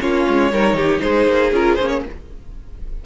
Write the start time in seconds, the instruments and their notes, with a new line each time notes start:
0.00 cello A#3, viola C#4, violin F4 C#5
0.28 cello G#3
0.52 cello G3, viola D#4, violin A#4
0.73 cello D#3, violin G4
1.00 cello G#3, violin G#4 C5
1.27 cello A#3
1.52 cello C#4, viola F4, violin A#4
1.75 cello A#3, viola C#4, violin C5
1.88 violin C#5